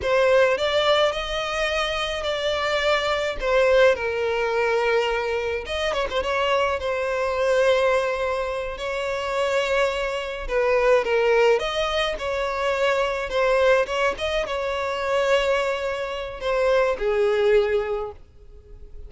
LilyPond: \new Staff \with { instrumentName = "violin" } { \time 4/4 \tempo 4 = 106 c''4 d''4 dis''2 | d''2 c''4 ais'4~ | ais'2 dis''8 cis''16 c''16 cis''4 | c''2.~ c''8 cis''8~ |
cis''2~ cis''8 b'4 ais'8~ | ais'8 dis''4 cis''2 c''8~ | c''8 cis''8 dis''8 cis''2~ cis''8~ | cis''4 c''4 gis'2 | }